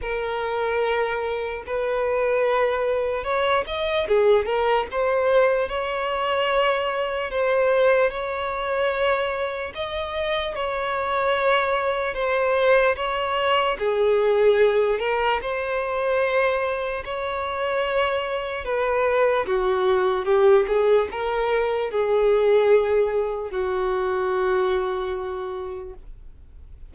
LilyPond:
\new Staff \with { instrumentName = "violin" } { \time 4/4 \tempo 4 = 74 ais'2 b'2 | cis''8 dis''8 gis'8 ais'8 c''4 cis''4~ | cis''4 c''4 cis''2 | dis''4 cis''2 c''4 |
cis''4 gis'4. ais'8 c''4~ | c''4 cis''2 b'4 | fis'4 g'8 gis'8 ais'4 gis'4~ | gis'4 fis'2. | }